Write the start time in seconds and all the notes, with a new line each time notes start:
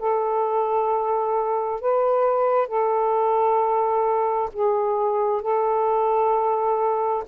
0.00 A4
1.81 B4
2.68 A4
4.53 G#4
5.42 A4